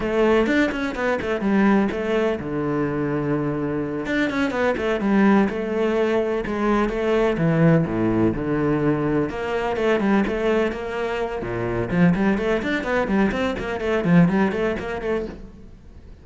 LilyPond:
\new Staff \with { instrumentName = "cello" } { \time 4/4 \tempo 4 = 126 a4 d'8 cis'8 b8 a8 g4 | a4 d2.~ | d8 d'8 cis'8 b8 a8 g4 a8~ | a4. gis4 a4 e8~ |
e8 a,4 d2 ais8~ | ais8 a8 g8 a4 ais4. | ais,4 f8 g8 a8 d'8 b8 g8 | c'8 ais8 a8 f8 g8 a8 ais8 a8 | }